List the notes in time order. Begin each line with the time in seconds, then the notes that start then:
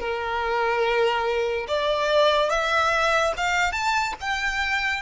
0.00 A#4
1.68 D5
2.50 E5
3.37 F5
3.72 A5
4.20 G5